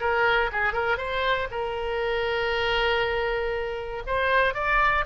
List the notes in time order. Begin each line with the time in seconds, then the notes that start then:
0.00 A#4
0.52 G#4
0.73 A#4
0.97 C5
1.51 A#4
4.06 C5
4.54 D5